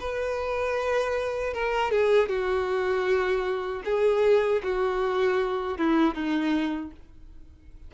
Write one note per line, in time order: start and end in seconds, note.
0.00 1.53 B4
1.53 1.91 A#4
1.91 2.29 G#4
2.29 3.83 F#4
3.85 4.62 G#4
4.63 5.78 F#4
5.78 6.14 E4
6.14 6.91 D#4